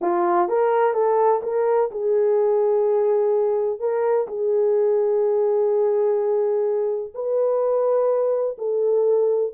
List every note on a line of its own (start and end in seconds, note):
0.01 0.48 F4
0.48 0.93 A#4
0.93 1.41 A4
1.42 1.90 A#4
1.91 3.79 G#4
3.79 4.27 A#4
4.27 7.13 G#4
7.14 8.57 B4
8.57 9.53 A4